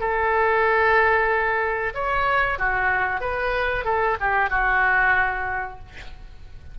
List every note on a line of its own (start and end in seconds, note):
0.00 1.94 A4
1.94 2.59 C#5
2.59 3.21 F#4
3.21 3.85 B4
3.85 4.17 A4
4.20 4.50 G4
4.50 5.79 F#4